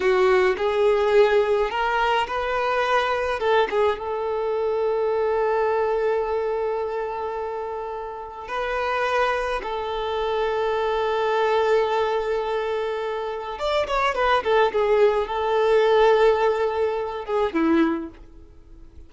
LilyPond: \new Staff \with { instrumentName = "violin" } { \time 4/4 \tempo 4 = 106 fis'4 gis'2 ais'4 | b'2 a'8 gis'8 a'4~ | a'1~ | a'2. b'4~ |
b'4 a'2.~ | a'1 | d''8 cis''8 b'8 a'8 gis'4 a'4~ | a'2~ a'8 gis'8 e'4 | }